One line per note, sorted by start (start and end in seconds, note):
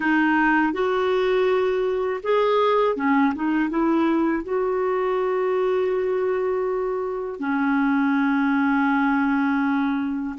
0.00 0.72 D#4
0.72 2.20 F#4
2.23 2.96 G#4
2.96 3.33 C#4
3.35 3.69 D#4
3.69 4.43 E4
4.43 7.39 F#4
7.39 10.35 C#4